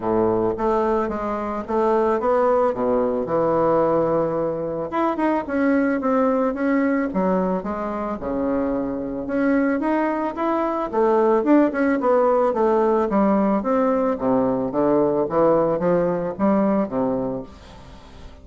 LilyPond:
\new Staff \with { instrumentName = "bassoon" } { \time 4/4 \tempo 4 = 110 a,4 a4 gis4 a4 | b4 b,4 e2~ | e4 e'8 dis'8 cis'4 c'4 | cis'4 fis4 gis4 cis4~ |
cis4 cis'4 dis'4 e'4 | a4 d'8 cis'8 b4 a4 | g4 c'4 c4 d4 | e4 f4 g4 c4 | }